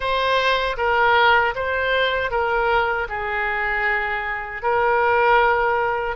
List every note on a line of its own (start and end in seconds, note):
0.00 0.76 C5
0.77 1.54 A#4
1.55 2.30 C5
2.30 3.07 A#4
3.08 4.62 G#4
4.62 6.16 A#4